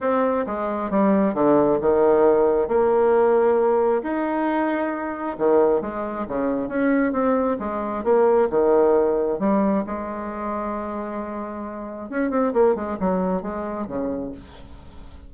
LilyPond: \new Staff \with { instrumentName = "bassoon" } { \time 4/4 \tempo 4 = 134 c'4 gis4 g4 d4 | dis2 ais2~ | ais4 dis'2. | dis4 gis4 cis4 cis'4 |
c'4 gis4 ais4 dis4~ | dis4 g4 gis2~ | gis2. cis'8 c'8 | ais8 gis8 fis4 gis4 cis4 | }